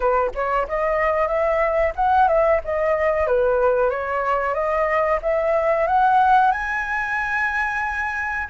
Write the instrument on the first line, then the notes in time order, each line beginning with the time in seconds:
flute
0.00 B4
0.34 C#5
0.68 D#5
1.27 E5
1.95 F#5
2.28 E5
2.64 D#5
3.26 B4
3.90 C#5
4.54 D#5
5.21 E5
5.87 F#5
6.51 G#5